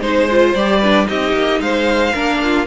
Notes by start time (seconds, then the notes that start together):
0.00 G#3 D#4 C5
0.31 F4
0.54 G3 G4 D5
0.80 D4 B4
1.06 C4 D#4 G4 D#5
1.33 A#3
1.60 G#3 C5 F5
2.13 A#3 D4 A#4
2.43 F4